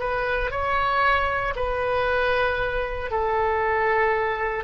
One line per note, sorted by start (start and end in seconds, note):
0.00 0.51 B4
0.51 1.54 C#5
1.56 3.11 B4
3.11 4.64 A4